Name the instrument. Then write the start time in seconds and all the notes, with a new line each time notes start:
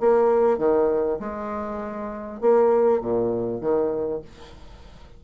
bassoon
0.00 A#3
0.58 D#3
1.20 G#3
2.41 A#3
3.01 A#2
3.61 D#3